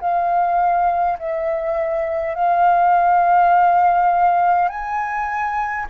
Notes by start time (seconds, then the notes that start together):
0.00 F5
1.19 E5
2.35 F5
4.68 G#5